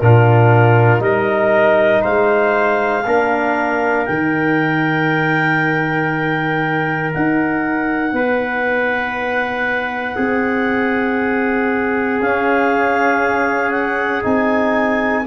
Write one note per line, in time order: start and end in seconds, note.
0.00 1.00 A#2
0.00 0.99 D4
0.00 1.03 F4
0.00 1.02 A#4
0.99 2.01 G3
0.99 3.02 D#4
0.99 2.02 A#4
0.99 2.04 D#5
2.02 3.06 G#3
2.02 3.04 C5
2.02 4.06 F5
3.06 4.07 A#3
3.06 4.07 D4
3.06 8.15 A#4
4.06 7.14 D#3
4.06 12.20 D#4
4.06 7.11 G5
7.14 8.13 D#4
7.14 12.22 F#5
8.13 10.16 B3
8.13 10.16 B4
10.16 12.20 C4
10.16 15.25 G#4
12.20 14.23 C#4
12.20 13.71 F5
13.71 14.22 F#5
14.23 15.27 C4
14.23 15.25 D#4
14.23 15.26 G#5